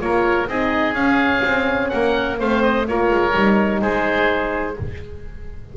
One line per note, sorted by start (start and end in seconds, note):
0.00 0.47 A#3
0.00 0.48 F4
0.00 0.49 A#4
0.00 0.48 C#5
0.47 0.93 C4
0.47 0.97 D#4
0.47 1.92 G#4
0.47 0.95 D#5
0.93 1.41 C#4
0.93 2.38 C#4
0.93 1.89 F5
1.44 1.91 C4
1.89 2.40 A#3
1.89 2.39 A#4
1.89 2.36 F#5
2.38 2.88 A3
2.38 2.86 C4
2.38 2.87 C5
2.38 2.62 F5
2.62 2.86 D#5
2.88 3.10 A#3
2.88 3.33 F4
2.88 3.81 A#4
2.88 3.81 C#5
3.10 3.34 G#3
3.33 3.81 G3
3.33 4.76 D#4
3.81 4.77 G#3
3.81 4.76 G#4
3.81 4.76 C5